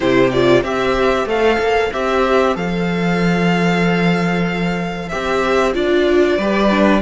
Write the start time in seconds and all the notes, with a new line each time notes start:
0.00 C3 E4 G4 C5
0.31 F4 D5
0.62 C4 G4 C5 E5
1.25 A3 A4 F5
1.58 A#3
1.92 C4 G4 E5
2.55 F3 A4 F5
5.08 C4 G4 E5
5.73 D4 F4 D5
6.38 G3 G4 B4
6.70 D4